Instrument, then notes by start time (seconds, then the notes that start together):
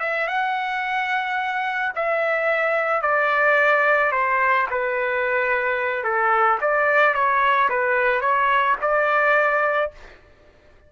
trumpet
0.00 E5
0.28 F#5
1.96 E5
3.02 D5
4.12 C5
4.71 B4
6.04 A4
6.61 D5
7.14 C#5
7.70 B4
8.21 C#5
8.81 D5